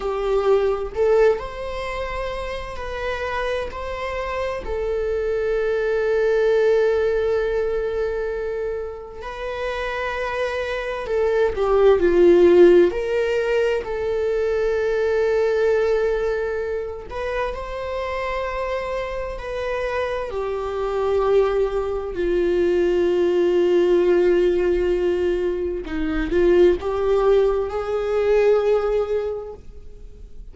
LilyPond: \new Staff \with { instrumentName = "viola" } { \time 4/4 \tempo 4 = 65 g'4 a'8 c''4. b'4 | c''4 a'2.~ | a'2 b'2 | a'8 g'8 f'4 ais'4 a'4~ |
a'2~ a'8 b'8 c''4~ | c''4 b'4 g'2 | f'1 | dis'8 f'8 g'4 gis'2 | }